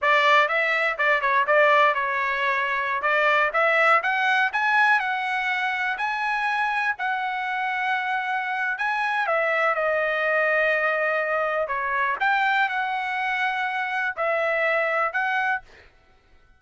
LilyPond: \new Staff \with { instrumentName = "trumpet" } { \time 4/4 \tempo 4 = 123 d''4 e''4 d''8 cis''8 d''4 | cis''2~ cis''16 d''4 e''8.~ | e''16 fis''4 gis''4 fis''4.~ fis''16~ | fis''16 gis''2 fis''4.~ fis''16~ |
fis''2 gis''4 e''4 | dis''1 | cis''4 g''4 fis''2~ | fis''4 e''2 fis''4 | }